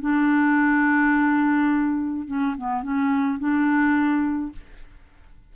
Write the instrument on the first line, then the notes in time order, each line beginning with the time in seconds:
clarinet
0.00 D4
2.27 C#4
2.57 B3
2.83 C#4
3.39 D4